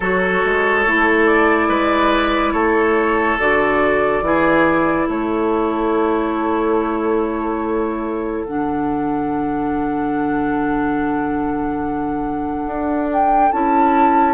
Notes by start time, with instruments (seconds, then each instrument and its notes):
0.00 bassoon F#3, clarinet F#4, oboe A4, flute C#5
0.44 bassoon G#3
0.86 bassoon A3, clarinet E4
1.26 flute D5
1.68 bassoon G#3, oboe B4
2.52 bassoon A3, oboe A4, flute C#5
3.39 bassoon D3, clarinet F#4, flute D5
4.21 bassoon E3, clarinet E4, oboe G#4
5.06 bassoon A3, oboe A4, flute C#5
8.44 bassoon D3, clarinet D4, flute F#5
12.66 bassoon D4
13.12 flute G5
13.51 bassoon C#4, clarinet E4, flute A5